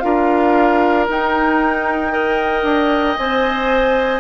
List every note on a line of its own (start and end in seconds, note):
0.00 1.09 D4
0.00 1.07 F4
0.00 2.12 A#4
0.00 1.05 F5
1.08 2.11 D#4
1.08 2.63 D#4
1.08 3.17 G5
2.11 3.16 A#4
2.11 4.20 D#5
2.63 3.16 D4
3.17 4.20 C4
3.17 4.20 C5
3.17 4.20 G#5